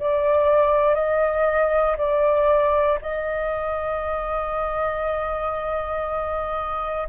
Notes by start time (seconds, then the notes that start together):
0.00 D5
0.95 D#5
1.98 D5
3.02 D#5